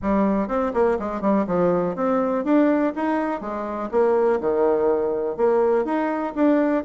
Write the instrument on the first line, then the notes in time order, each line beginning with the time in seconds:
bassoon
0.02 G3
0.48 C4
0.73 A#3
0.99 G#3
1.21 G3
1.47 F3
1.95 C4
2.44 D4
2.95 D#4
3.41 G#3
3.91 A#3
4.40 D#3
5.36 A#3
5.84 D#4
6.35 D4